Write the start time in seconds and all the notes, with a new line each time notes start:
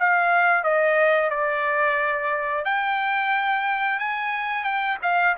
0.00 F5
0.64 D#5
1.30 D5
2.65 G5
3.99 G#5
4.64 G5
5.03 F5